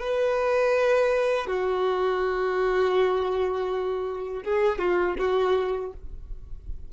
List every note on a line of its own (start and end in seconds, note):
0.00 1.47 B4
1.47 4.43 F#4
4.44 4.78 G#4
4.78 5.15 F4
5.19 5.93 F#4